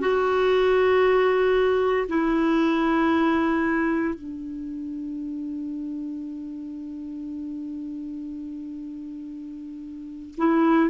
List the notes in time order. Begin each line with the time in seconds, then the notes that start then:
0.00 F#4
2.08 E4
4.14 D4
10.37 E4